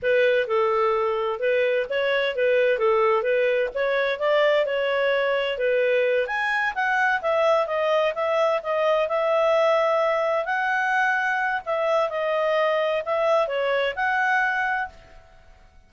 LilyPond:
\new Staff \with { instrumentName = "clarinet" } { \time 4/4 \tempo 4 = 129 b'4 a'2 b'4 | cis''4 b'4 a'4 b'4 | cis''4 d''4 cis''2 | b'4. gis''4 fis''4 e''8~ |
e''8 dis''4 e''4 dis''4 e''8~ | e''2~ e''8 fis''4.~ | fis''4 e''4 dis''2 | e''4 cis''4 fis''2 | }